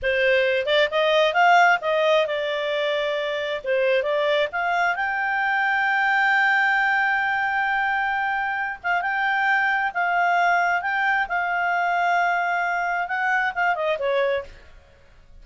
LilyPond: \new Staff \with { instrumentName = "clarinet" } { \time 4/4 \tempo 4 = 133 c''4. d''8 dis''4 f''4 | dis''4 d''2. | c''4 d''4 f''4 g''4~ | g''1~ |
g''2.~ g''8 f''8 | g''2 f''2 | g''4 f''2.~ | f''4 fis''4 f''8 dis''8 cis''4 | }